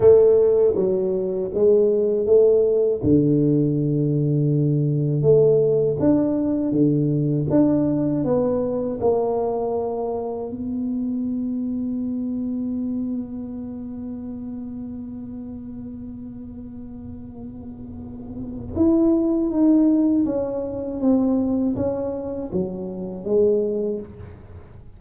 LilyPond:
\new Staff \with { instrumentName = "tuba" } { \time 4/4 \tempo 4 = 80 a4 fis4 gis4 a4 | d2. a4 | d'4 d4 d'4 b4 | ais2 b2~ |
b1~ | b1~ | b4 e'4 dis'4 cis'4 | c'4 cis'4 fis4 gis4 | }